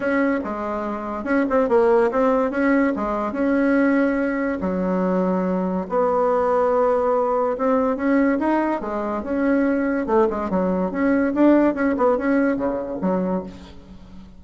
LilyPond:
\new Staff \with { instrumentName = "bassoon" } { \time 4/4 \tempo 4 = 143 cis'4 gis2 cis'8 c'8 | ais4 c'4 cis'4 gis4 | cis'2. fis4~ | fis2 b2~ |
b2 c'4 cis'4 | dis'4 gis4 cis'2 | a8 gis8 fis4 cis'4 d'4 | cis'8 b8 cis'4 cis4 fis4 | }